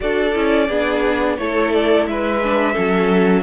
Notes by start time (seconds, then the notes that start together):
0.00 D4 F#4 A4 D5
0.33 C#4 E4
0.68 B3 D4 G#4
1.37 A3 E4 A4 C#5
1.73 D5
2.06 G#3 B4 E5
2.43 D4
2.73 F#3 C#4 A4